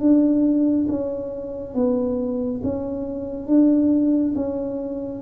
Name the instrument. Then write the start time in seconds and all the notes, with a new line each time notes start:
tuba
0.00 D4
0.89 C#4
1.74 B3
2.63 C#4
3.47 D4
4.36 C#4